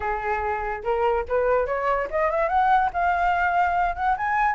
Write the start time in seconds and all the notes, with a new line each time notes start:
0.00 G#4
0.83 A#4
1.28 B4
1.66 C#5
2.10 D#5
2.30 E5
2.48 F#5
2.93 F5
3.95 F#5
4.17 G#5